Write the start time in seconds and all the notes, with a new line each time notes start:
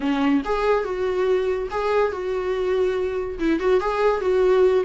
0.00 C#4
0.44 G#4
0.84 F#4
1.70 G#4
2.11 F#4
3.39 E4
3.59 F#4
3.80 G#4
4.20 F#4